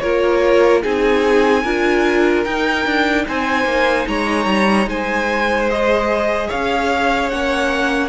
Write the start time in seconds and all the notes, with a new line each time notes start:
0.00 A#3 F4 A#4 C#5
0.83 C4 D#4 G#4 G#5
1.63 D4 F4 A#4
2.44 D#4 G5
2.86 D4
3.28 C4 C5 G#5
3.65 A#3
4.08 G#3 C#5 A#5
4.46 G3
4.86 G#3 C5 G#5
5.70 G#4 D#5
6.48 C#4 C#5 F5
7.30 A#3 C#4 F#5